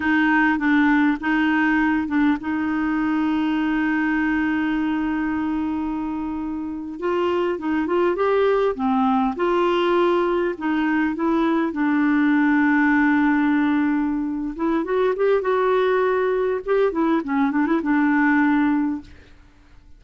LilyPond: \new Staff \with { instrumentName = "clarinet" } { \time 4/4 \tempo 4 = 101 dis'4 d'4 dis'4. d'8 | dis'1~ | dis'2.~ dis'8. f'16~ | f'8. dis'8 f'8 g'4 c'4 f'16~ |
f'4.~ f'16 dis'4 e'4 d'16~ | d'1~ | d'8 e'8 fis'8 g'8 fis'2 | g'8 e'8 cis'8 d'16 e'16 d'2 | }